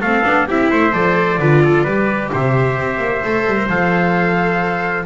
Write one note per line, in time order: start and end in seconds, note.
0.00 0.23 A3
0.00 0.24 C4
0.00 0.47 A4
0.00 0.47 F5
0.24 0.49 B3
0.24 0.47 D4
0.48 0.72 C4
0.48 0.92 E4
0.48 0.71 G4
0.48 0.94 E5
0.71 0.93 A3
0.71 1.39 C5
0.92 1.39 F3
0.92 1.38 A4
0.92 2.31 D5
1.39 1.84 D3
1.39 1.87 F4
1.39 1.62 B4
1.64 1.84 A4
1.84 2.30 G3
1.84 3.25 G4
1.84 2.29 B4
2.33 2.79 C3
2.33 5.06 C5
2.33 3.70 E5
2.79 2.98 C4
2.98 3.21 A#3
3.24 3.47 A3
3.24 3.57 A4
3.47 3.69 G3
3.57 3.69 A#4
3.69 5.06 F3
3.69 5.06 A4
3.69 5.06 F5